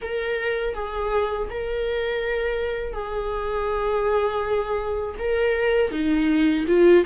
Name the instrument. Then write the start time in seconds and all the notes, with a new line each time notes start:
viola
0.01 A#4
0.74 G#4
1.50 A#4
2.93 G#4
5.19 A#4
5.91 D#4
6.67 F4